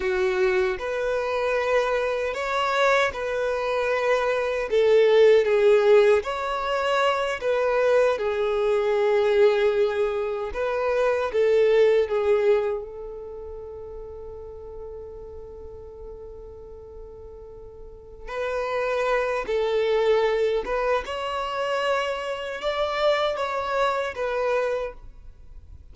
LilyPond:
\new Staff \with { instrumentName = "violin" } { \time 4/4 \tempo 4 = 77 fis'4 b'2 cis''4 | b'2 a'4 gis'4 | cis''4. b'4 gis'4.~ | gis'4. b'4 a'4 gis'8~ |
gis'8 a'2.~ a'8~ | a'2.~ a'8 b'8~ | b'4 a'4. b'8 cis''4~ | cis''4 d''4 cis''4 b'4 | }